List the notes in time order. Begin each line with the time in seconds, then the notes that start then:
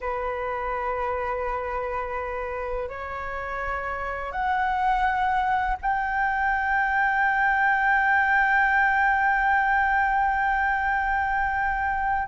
0.00 B4
2.88 C#5
4.32 F#5
5.81 G5